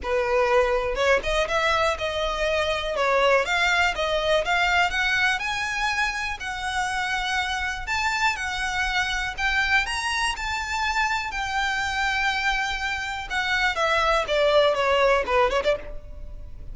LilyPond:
\new Staff \with { instrumentName = "violin" } { \time 4/4 \tempo 4 = 122 b'2 cis''8 dis''8 e''4 | dis''2 cis''4 f''4 | dis''4 f''4 fis''4 gis''4~ | gis''4 fis''2. |
a''4 fis''2 g''4 | ais''4 a''2 g''4~ | g''2. fis''4 | e''4 d''4 cis''4 b'8 cis''16 d''16 | }